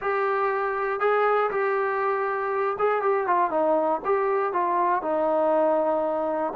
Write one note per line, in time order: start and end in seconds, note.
0.01 0.99 G4
0.99 1.50 G#4
1.51 2.77 G4
2.79 3.02 G#4
3.02 3.26 G4
3.26 3.50 F4
3.50 4.00 D#4
4.05 4.52 G4
4.52 5.01 F4
5.01 6.53 D#4